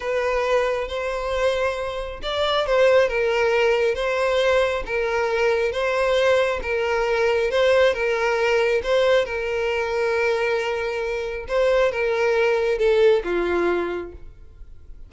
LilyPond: \new Staff \with { instrumentName = "violin" } { \time 4/4 \tempo 4 = 136 b'2 c''2~ | c''4 d''4 c''4 ais'4~ | ais'4 c''2 ais'4~ | ais'4 c''2 ais'4~ |
ais'4 c''4 ais'2 | c''4 ais'2.~ | ais'2 c''4 ais'4~ | ais'4 a'4 f'2 | }